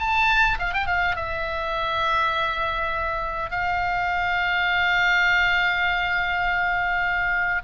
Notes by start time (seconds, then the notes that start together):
0.00 A5
0.59 F5
0.74 G5
0.87 F5
1.16 E5
3.51 F5